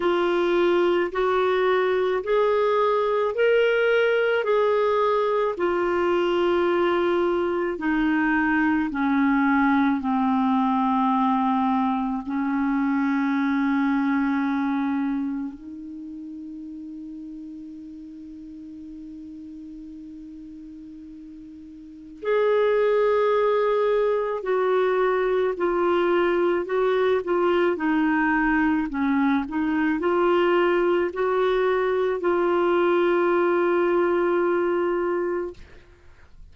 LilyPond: \new Staff \with { instrumentName = "clarinet" } { \time 4/4 \tempo 4 = 54 f'4 fis'4 gis'4 ais'4 | gis'4 f'2 dis'4 | cis'4 c'2 cis'4~ | cis'2 dis'2~ |
dis'1 | gis'2 fis'4 f'4 | fis'8 f'8 dis'4 cis'8 dis'8 f'4 | fis'4 f'2. | }